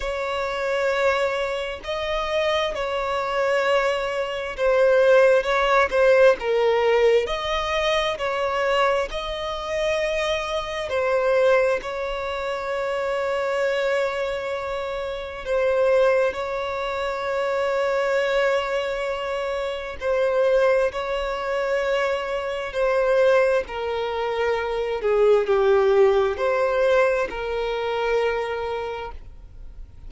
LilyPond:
\new Staff \with { instrumentName = "violin" } { \time 4/4 \tempo 4 = 66 cis''2 dis''4 cis''4~ | cis''4 c''4 cis''8 c''8 ais'4 | dis''4 cis''4 dis''2 | c''4 cis''2.~ |
cis''4 c''4 cis''2~ | cis''2 c''4 cis''4~ | cis''4 c''4 ais'4. gis'8 | g'4 c''4 ais'2 | }